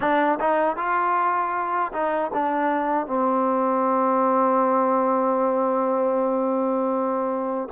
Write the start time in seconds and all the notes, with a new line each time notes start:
0.00 D4
0.40 D#4
0.76 F4
1.92 D#4
2.33 D4
3.06 C4